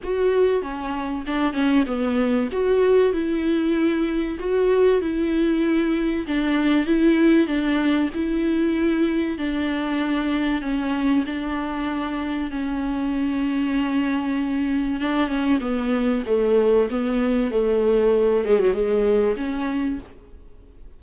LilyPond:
\new Staff \with { instrumentName = "viola" } { \time 4/4 \tempo 4 = 96 fis'4 cis'4 d'8 cis'8 b4 | fis'4 e'2 fis'4 | e'2 d'4 e'4 | d'4 e'2 d'4~ |
d'4 cis'4 d'2 | cis'1 | d'8 cis'8 b4 a4 b4 | a4. gis16 fis16 gis4 cis'4 | }